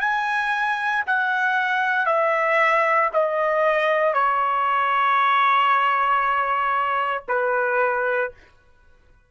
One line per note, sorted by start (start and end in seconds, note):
0.00 1.03 G#5
1.06 2.06 F#5
2.06 3.09 E5
3.13 4.13 D#5
4.13 7.24 C#5
7.27 8.31 B4